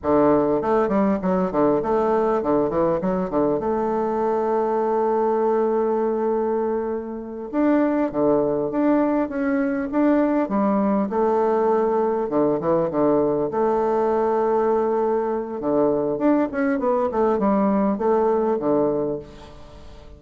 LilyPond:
\new Staff \with { instrumentName = "bassoon" } { \time 4/4 \tempo 4 = 100 d4 a8 g8 fis8 d8 a4 | d8 e8 fis8 d8 a2~ | a1~ | a8 d'4 d4 d'4 cis'8~ |
cis'8 d'4 g4 a4.~ | a8 d8 e8 d4 a4.~ | a2 d4 d'8 cis'8 | b8 a8 g4 a4 d4 | }